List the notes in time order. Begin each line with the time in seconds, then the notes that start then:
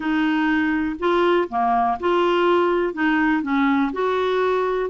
0.00 D#4
0.99 F4
1.49 A#3
1.99 F4
2.93 D#4
3.42 C#4
3.92 F#4